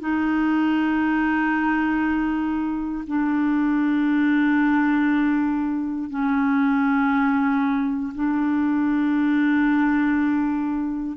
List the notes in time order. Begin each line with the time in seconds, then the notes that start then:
0.00 D#4
3.07 D4
6.10 C#4
8.14 D4